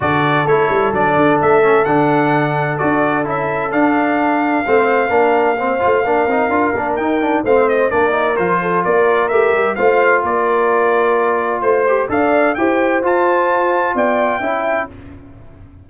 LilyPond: <<
  \new Staff \with { instrumentName = "trumpet" } { \time 4/4 \tempo 4 = 129 d''4 cis''4 d''4 e''4 | fis''2 d''4 e''4 | f''1~ | f''2. g''4 |
f''8 dis''8 d''4 c''4 d''4 | e''4 f''4 d''2~ | d''4 c''4 f''4 g''4 | a''2 g''2 | }
  \new Staff \with { instrumentName = "horn" } { \time 4/4 a'1~ | a'1~ | a'2 c''4 ais'4 | c''4 ais'2. |
c''4 ais'4. a'8 ais'4~ | ais'4 c''4 ais'2~ | ais'4 c''4 d''4 c''4~ | c''2 d''4 e''4 | }
  \new Staff \with { instrumentName = "trombone" } { \time 4/4 fis'4 e'4 d'4. cis'8 | d'2 fis'4 e'4 | d'2 c'4 d'4 | c'8 f'8 d'8 dis'8 f'8 d'8 dis'8 d'8 |
c'4 d'8 dis'8 f'2 | g'4 f'2.~ | f'4. g'8 a'4 g'4 | f'2. e'4 | }
  \new Staff \with { instrumentName = "tuba" } { \time 4/4 d4 a8 g8 fis8 d8 a4 | d2 d'4 cis'4 | d'2 a4 ais4~ | ais8 a8 ais8 c'8 d'8 ais8 dis'4 |
a4 ais4 f4 ais4 | a8 g8 a4 ais2~ | ais4 a4 d'4 e'4 | f'2 b4 cis'4 | }
>>